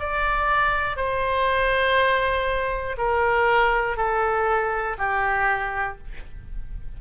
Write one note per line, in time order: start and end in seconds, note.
0.00 0.97 D5
0.97 2.97 C5
2.98 3.97 A#4
3.97 4.97 A4
4.99 5.99 G4